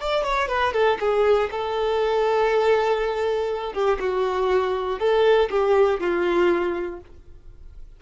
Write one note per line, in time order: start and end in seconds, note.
0.00 0.24 D5
0.24 0.48 C#5
0.48 0.73 B4
0.73 0.98 A4
1.00 1.50 G#4
1.51 3.73 A4
3.73 3.98 G4
4.00 4.99 F#4
4.99 5.49 A4
5.50 6.00 G4
6.00 7.00 F4